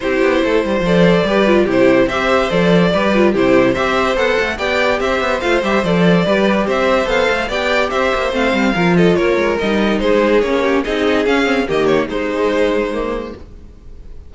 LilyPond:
<<
  \new Staff \with { instrumentName = "violin" } { \time 4/4 \tempo 4 = 144 c''2 d''2 | c''4 e''4 d''2 | c''4 e''4 fis''4 g''4 | e''4 f''8 e''8 d''2 |
e''4 f''4 g''4 e''4 | f''4. dis''8 cis''4 dis''4 | c''4 cis''4 dis''4 f''4 | dis''8 cis''8 c''2. | }
  \new Staff \with { instrumentName = "violin" } { \time 4/4 g'4 a'8 c''4. b'4 | g'4 c''2 b'4 | g'4 c''2 d''4 | c''2. b'4 |
c''2 d''4 c''4~ | c''4 ais'8 a'8 ais'2 | gis'4. g'8 gis'2 | g'4 dis'2. | }
  \new Staff \with { instrumentName = "viola" } { \time 4/4 e'2 a'4 g'8 f'8 | e'4 g'4 a'4 g'8 f'8 | e'4 g'4 a'4 g'4~ | g'4 f'8 g'8 a'4 g'4~ |
g'4 a'4 g'2 | c'4 f'2 dis'4~ | dis'4 cis'4 dis'4 cis'8 c'8 | ais4 gis2 ais4 | }
  \new Staff \with { instrumentName = "cello" } { \time 4/4 c'8 b8 a8 g8 f4 g4 | c4 c'4 f4 g4 | c4 c'4 b8 a8 b4 | c'8 b8 a8 g8 f4 g4 |
c'4 b8 a8 b4 c'8 ais8 | a8 g8 f4 ais8 gis8 g4 | gis4 ais4 c'4 cis'4 | dis4 gis2. | }
>>